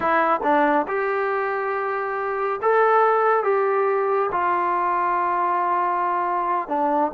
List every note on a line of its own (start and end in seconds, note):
0.00 0.40 E4
0.43 0.86 D4
0.87 2.60 G4
2.62 3.43 A4
3.43 4.30 G4
4.31 6.68 F4
6.68 7.11 D4